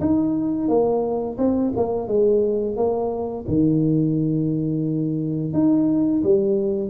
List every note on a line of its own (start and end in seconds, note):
0.00 0.68 D#4
0.68 1.37 A#3
1.38 1.72 C4
1.76 2.08 A#3
2.08 2.76 G#3
2.76 3.45 A#3
3.48 5.53 D#3
5.53 6.22 D#4
6.24 6.89 G3